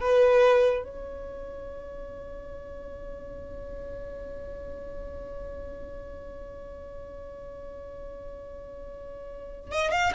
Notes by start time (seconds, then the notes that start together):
0.00 B4
0.84 C#5
9.71 D#5
9.91 F5